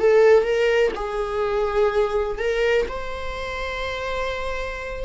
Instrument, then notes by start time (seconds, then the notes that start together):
viola
0.00 A4
0.44 A#4
0.95 G#4
2.39 A#4
2.89 C5